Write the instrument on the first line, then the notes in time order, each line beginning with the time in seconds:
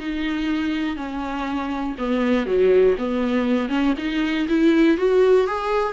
viola
0.00 D#4
0.96 C#4
1.98 B3
2.46 F#3
2.98 B3
3.69 C#4
3.98 D#4
4.49 E4
4.98 F#4
5.47 G#4